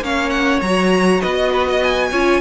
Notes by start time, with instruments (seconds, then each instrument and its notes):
0.00 cello A#3, viola C#4, violin C#5 F5
0.30 violin F#5
0.61 cello F#3, viola F#4, violin A#5
1.21 cello B3, violin B4 D#5
1.34 violin D#5
1.53 violin B4
1.69 violin D#5
1.83 violin G#5
2.11 cello C#4, viola F4, violin C#5